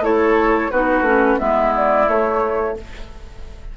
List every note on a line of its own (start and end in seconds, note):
0.00 0.68 A3
0.00 0.70 E4
0.00 0.72 A4
0.00 0.71 C#5
0.71 1.02 B3
0.71 1.05 D#4
0.71 1.39 F#4
0.71 1.39 B4
1.02 1.36 A3
1.02 1.39 C#4
1.39 2.08 G#3
1.39 2.07 B3
1.39 2.76 E4
1.39 1.73 E5
1.77 2.09 D5
2.08 2.76 A3
2.08 2.77 C#5